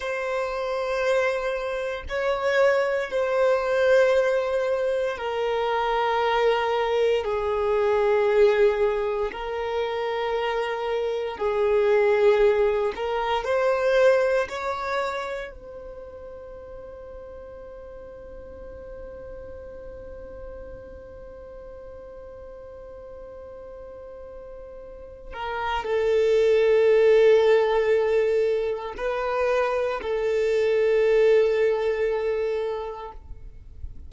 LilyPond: \new Staff \with { instrumentName = "violin" } { \time 4/4 \tempo 4 = 58 c''2 cis''4 c''4~ | c''4 ais'2 gis'4~ | gis'4 ais'2 gis'4~ | gis'8 ais'8 c''4 cis''4 c''4~ |
c''1~ | c''1~ | c''8 ais'8 a'2. | b'4 a'2. | }